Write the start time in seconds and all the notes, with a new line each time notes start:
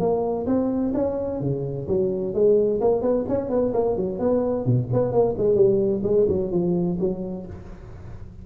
0.00 A#3
0.47 C4
0.94 C#4
1.41 C#3
1.88 F#3
2.34 G#3
2.81 A#3
3.02 B3
3.29 C#4
3.50 B3
3.74 A#3
3.97 F#3
4.20 B3
4.66 B2
4.93 B3
5.12 A#3
5.38 G#3
5.56 G3
6.04 G#3
6.29 F#3
6.52 F3
7.00 F#3